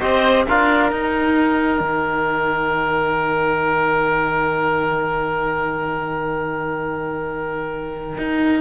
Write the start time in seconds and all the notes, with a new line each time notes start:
0.00 C4 G4 C5 D#5
0.47 D4 F4 A#4 F5
0.91 D#4 G5
1.81 D#3
8.18 D#4